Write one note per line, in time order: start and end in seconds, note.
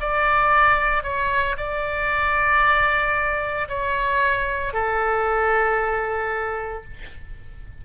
0.00 1.03 D5
1.03 1.56 C#5
1.57 3.68 D5
3.68 4.73 C#5
4.73 6.84 A4